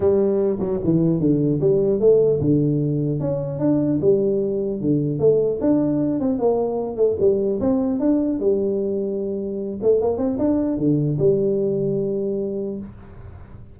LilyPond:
\new Staff \with { instrumentName = "tuba" } { \time 4/4 \tempo 4 = 150 g4. fis8 e4 d4 | g4 a4 d2 | cis'4 d'4 g2 | d4 a4 d'4. c'8 |
ais4. a8 g4 c'4 | d'4 g2.~ | g8 a8 ais8 c'8 d'4 d4 | g1 | }